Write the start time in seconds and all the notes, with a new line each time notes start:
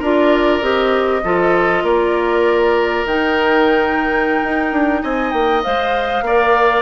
0.00 D4 F4 A#4 D5
0.62 C4 G4 D#5
1.24 F3 F4 A4
1.83 A#3 A#4 D5
3.05 D#3 D#4 G5
4.44 D#4
4.72 D4
5.03 C4 D#5 G#5
5.31 A#3 G5
5.63 G#3 C5 F5
6.22 A#3 A#4 D5